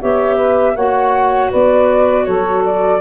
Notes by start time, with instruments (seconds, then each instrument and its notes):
0.00 tuba B3, clarinet G4, saxophone C#5, flute E5
0.35 saxophone B4
0.75 tuba A#3, clarinet F#4, saxophone C#5, flute F#5
1.50 tuba B3, saxophone B4, flute D5
2.25 tuba F#3, saxophone A4, flute C#5
2.65 flute D5